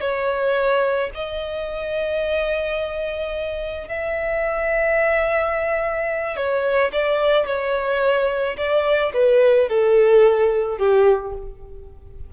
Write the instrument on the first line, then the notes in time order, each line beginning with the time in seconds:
violin
0.00 C#5
1.14 D#5
3.88 E5
6.36 C#5
6.92 D5
7.46 C#5
8.57 D5
9.13 B4
9.68 A4
10.78 G4